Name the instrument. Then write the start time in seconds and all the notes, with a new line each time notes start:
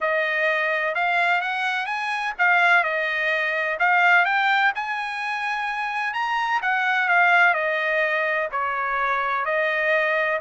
trumpet
0.00 D#5
0.94 F5
1.41 F#5
1.86 G#5
2.38 F5
2.83 D#5
3.79 F5
4.25 G5
4.75 G#5
6.13 A#5
6.61 F#5
7.08 F5
7.54 D#5
8.51 C#5
9.45 D#5